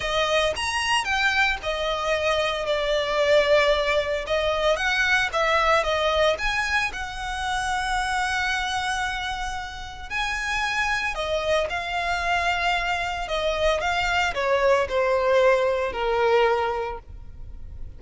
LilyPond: \new Staff \with { instrumentName = "violin" } { \time 4/4 \tempo 4 = 113 dis''4 ais''4 g''4 dis''4~ | dis''4 d''2. | dis''4 fis''4 e''4 dis''4 | gis''4 fis''2.~ |
fis''2. gis''4~ | gis''4 dis''4 f''2~ | f''4 dis''4 f''4 cis''4 | c''2 ais'2 | }